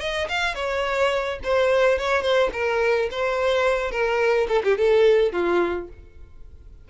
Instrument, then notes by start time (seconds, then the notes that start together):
violin
0.00 D#5
0.29 F5
0.55 C#5
1.43 C5
1.98 C#5
2.22 C5
2.53 A#4
3.11 C5
3.91 A#4
4.48 A4
4.63 G4
4.78 A4
5.32 F4